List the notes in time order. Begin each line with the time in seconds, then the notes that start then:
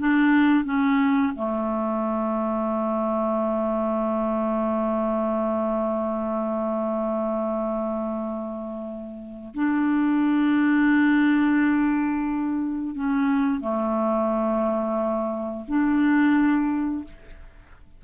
0.00 D4
0.65 C#4
1.36 A3
9.55 D4
12.95 C#4
13.61 A3
15.68 D4